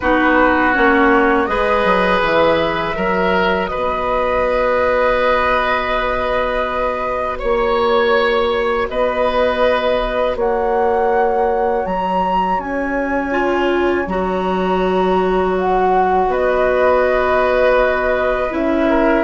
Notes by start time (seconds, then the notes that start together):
0.00 B3 D#4 F#4 B4
0.73 A#3 C#4 C#5
1.45 G#3 G#4 B4 D#5
1.84 F#3
2.21 E3 E5
2.95 F#3 F#4 A#4
3.66 B4 D#5
3.75 B3
7.38 A#3 C#5
8.88 B3 B4 D#5
10.35 A#3 C#5 F#5
11.85 F#3 A#5
12.58 C#4 G#5
13.30 F4
14.06 F#3 F#4 A#5
15.58 F#5
16.27 B3 B4 D#5
18.50 C#4 E4 E5
18.89 A#4